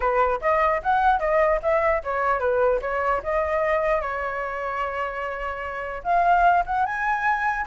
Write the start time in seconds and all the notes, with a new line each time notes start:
0.00 B4
0.41 D#5
0.83 F#5
1.19 D#5
1.62 E5
2.03 C#5
2.39 B4
2.81 C#5
3.23 D#5
4.01 C#5
6.03 F5
6.66 F#5
6.85 G#5